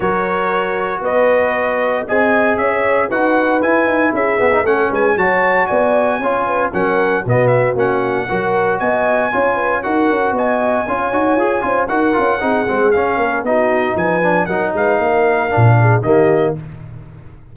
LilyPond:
<<
  \new Staff \with { instrumentName = "trumpet" } { \time 4/4 \tempo 4 = 116 cis''2 dis''2 | gis''4 e''4 fis''4 gis''4 | e''4 fis''8 gis''8 a''4 gis''4~ | gis''4 fis''4 dis''8 e''8 fis''4~ |
fis''4 gis''2 fis''4 | gis''2. fis''4~ | fis''4 f''4 dis''4 gis''4 | fis''8 f''2~ f''8 dis''4 | }
  \new Staff \with { instrumentName = "horn" } { \time 4/4 ais'2 b'2 | dis''4 cis''4 b'2 | gis'4 a'8 b'8 cis''4 d''4 | cis''8 b'8 ais'4 fis'2 |
ais'4 dis''4 cis''8 b'8 ais'4 | dis''4 cis''4. c''8 ais'4 | gis'4. ais'8 fis'4 b'4 | ais'8 b'8 ais'4. gis'8 g'4 | }
  \new Staff \with { instrumentName = "trombone" } { \time 4/4 fis'1 | gis'2 fis'4 e'4~ | e'8 b16 dis'16 cis'4 fis'2 | f'4 cis'4 b4 cis'4 |
fis'2 f'4 fis'4~ | fis'4 f'8 fis'8 gis'8 f'8 fis'8 f'8 | dis'8 c'8 cis'4 dis'4. d'8 | dis'2 d'4 ais4 | }
  \new Staff \with { instrumentName = "tuba" } { \time 4/4 fis2 b2 | c'4 cis'4 dis'4 e'8 dis'8 | cis'8 b8 a8 gis8 fis4 b4 | cis'4 fis4 b,4 ais4 |
fis4 b4 cis'4 dis'8 cis'8 | b4 cis'8 dis'8 f'8 cis'8 dis'8 cis'8 | c'8 gis8 cis'8 ais8 b4 f4 | fis8 gis8 ais4 ais,4 dis4 | }
>>